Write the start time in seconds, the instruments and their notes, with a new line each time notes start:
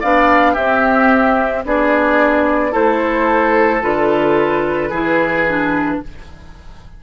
0.00 bassoon B3, clarinet D4, oboe D5, flute F5
0.53 clarinet C4, bassoon C4, oboe G4, flute E5
1.65 bassoon B3, clarinet D4, oboe G#4, flute D5
2.71 bassoon A3, clarinet E4, oboe A4, flute C5
3.81 bassoon D3, clarinet F4, flute B4
4.89 bassoon E3, clarinet E4, oboe G#4
5.48 clarinet D4